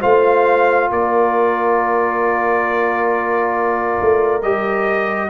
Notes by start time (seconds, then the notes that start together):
0.00 A3 F4 C5 F5
0.90 A#3 A#4 D5
4.01 A3
4.42 G3 G4 D#5